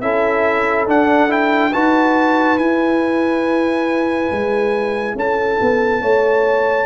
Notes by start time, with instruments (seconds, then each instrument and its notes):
0.00 tuba C#4, trombone E4, horn A4, trumpet E5
0.87 trombone D4, tuba D4, trumpet F#5
1.29 trombone E4, trumpet G5
1.72 tuba D#4, trombone F#4, horn B4, trumpet A5
2.58 tuba E4, trombone E4, trumpet G#5
4.31 tuba G#3
5.14 tuba C#4, horn A4, trumpet A5
5.61 tuba B3
6.01 tuba A3, horn C#5